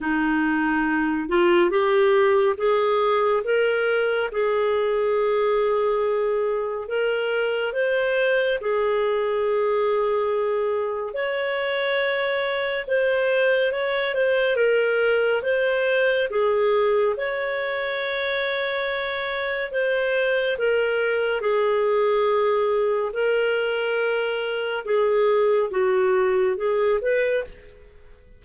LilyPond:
\new Staff \with { instrumentName = "clarinet" } { \time 4/4 \tempo 4 = 70 dis'4. f'8 g'4 gis'4 | ais'4 gis'2. | ais'4 c''4 gis'2~ | gis'4 cis''2 c''4 |
cis''8 c''8 ais'4 c''4 gis'4 | cis''2. c''4 | ais'4 gis'2 ais'4~ | ais'4 gis'4 fis'4 gis'8 b'8 | }